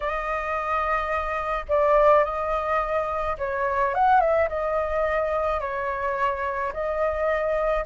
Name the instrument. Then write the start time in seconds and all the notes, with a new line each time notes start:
flute
0.00 D#5
1.68 D5
2.24 D#5
3.38 C#5
3.94 F#5
4.20 E5
4.49 D#5
5.60 C#5
6.73 D#5